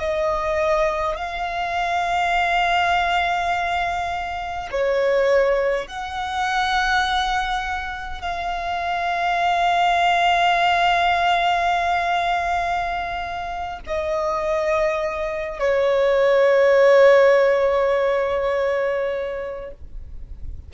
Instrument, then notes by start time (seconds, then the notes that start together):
violin
0.00 D#5
1.17 F5
4.72 C#5
5.88 F#5
8.21 F5
13.87 D#5
15.60 C#5